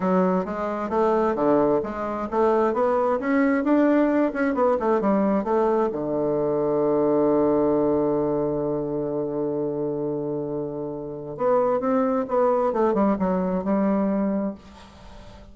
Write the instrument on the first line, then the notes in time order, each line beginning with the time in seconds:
bassoon
0.00 F#3
0.45 G#3
0.89 A3
1.35 D3
1.83 G#3
2.31 A3
2.73 B3
3.19 C#4
3.63 D4
4.33 C#4
4.54 B3
4.79 A3
5.00 G3
5.44 A3
5.92 D3
11.37 B3
11.80 C4
12.27 B3
12.72 A3
12.94 G3
13.18 F#3
13.64 G3